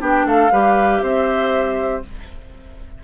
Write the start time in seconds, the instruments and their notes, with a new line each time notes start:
0.00 bassoon B3, clarinet D4, oboe G4, flute G5
0.24 bassoon A3, oboe A4, flute F5
0.51 bassoon G3, clarinet G4, oboe B4
1.02 bassoon C4, oboe C5, flute E5